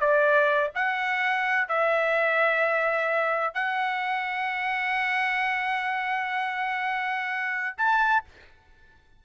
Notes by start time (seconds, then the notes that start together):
0.00 D5
0.75 F#5
1.68 E5
3.54 F#5
7.77 A5